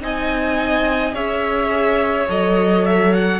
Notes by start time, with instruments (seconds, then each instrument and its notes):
0.00 cello C4, viola D#4, violin D#5 G#5
1.14 cello C#4, viola G#4, violin C#5 E5
2.29 cello F#3, viola A4, violin D#5
2.86 violin E5
3.13 violin F#5